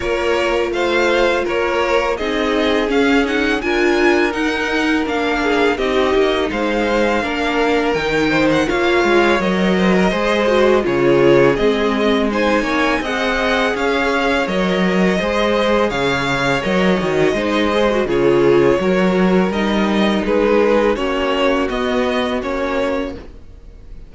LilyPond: <<
  \new Staff \with { instrumentName = "violin" } { \time 4/4 \tempo 4 = 83 cis''4 f''4 cis''4 dis''4 | f''8 fis''8 gis''4 fis''4 f''4 | dis''4 f''2 g''8. fis''16 | f''4 dis''2 cis''4 |
dis''4 gis''4 fis''4 f''4 | dis''2 f''4 dis''4~ | dis''4 cis''2 dis''4 | b'4 cis''4 dis''4 cis''4 | }
  \new Staff \with { instrumentName = "violin" } { \time 4/4 ais'4 c''4 ais'4 gis'4~ | gis'4 ais'2~ ais'8 gis'8 | g'4 c''4 ais'4. c''8 | cis''4. c''16 ais'16 c''4 gis'4~ |
gis'4 c''8 cis''8 dis''4 cis''4~ | cis''4 c''4 cis''2 | c''4 gis'4 ais'2 | gis'4 fis'2. | }
  \new Staff \with { instrumentName = "viola" } { \time 4/4 f'2. dis'4 | cis'8 dis'8 f'4 dis'4 d'4 | dis'2 d'4 dis'4 | f'4 ais'4 gis'8 fis'8 f'4 |
c'4 dis'4 gis'2 | ais'4 gis'2 ais'8 fis'8 | dis'8 gis'16 fis'16 f'4 fis'4 dis'4~ | dis'4 cis'4 b4 cis'4 | }
  \new Staff \with { instrumentName = "cello" } { \time 4/4 ais4 a4 ais4 c'4 | cis'4 d'4 dis'4 ais4 | c'8 ais8 gis4 ais4 dis4 | ais8 gis8 fis4 gis4 cis4 |
gis4. ais8 c'4 cis'4 | fis4 gis4 cis4 fis8 dis8 | gis4 cis4 fis4 g4 | gis4 ais4 b4 ais4 | }
>>